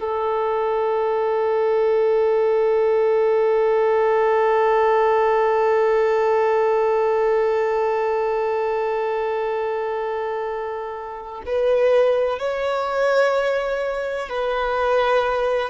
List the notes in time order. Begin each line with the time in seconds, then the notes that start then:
0.00 A4
11.46 B4
12.39 C#5
14.29 B4